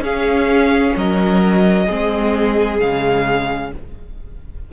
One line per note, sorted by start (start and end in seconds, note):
0.00 0.92 C#4
0.00 1.89 C#4
0.00 0.96 G#4
0.00 0.97 F5
0.96 1.89 F#3
0.96 1.86 A#4
0.96 2.80 D#5
1.86 2.80 G#3
1.86 2.81 C4
1.86 3.71 G#4
2.80 3.73 C#3
2.80 3.73 G#3
2.80 3.72 F5